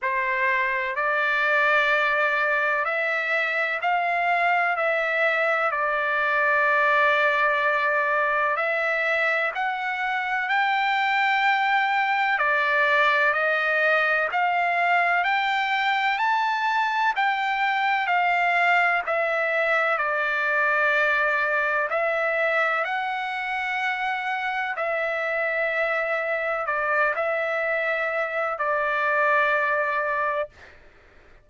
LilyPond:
\new Staff \with { instrumentName = "trumpet" } { \time 4/4 \tempo 4 = 63 c''4 d''2 e''4 | f''4 e''4 d''2~ | d''4 e''4 fis''4 g''4~ | g''4 d''4 dis''4 f''4 |
g''4 a''4 g''4 f''4 | e''4 d''2 e''4 | fis''2 e''2 | d''8 e''4. d''2 | }